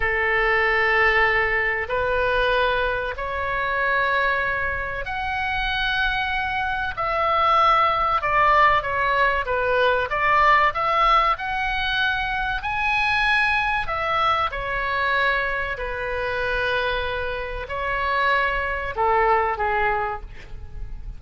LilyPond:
\new Staff \with { instrumentName = "oboe" } { \time 4/4 \tempo 4 = 95 a'2. b'4~ | b'4 cis''2. | fis''2. e''4~ | e''4 d''4 cis''4 b'4 |
d''4 e''4 fis''2 | gis''2 e''4 cis''4~ | cis''4 b'2. | cis''2 a'4 gis'4 | }